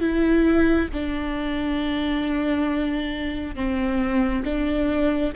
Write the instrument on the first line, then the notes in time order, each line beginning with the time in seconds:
viola
0.00 E4
0.93 D4
3.55 C4
4.44 D4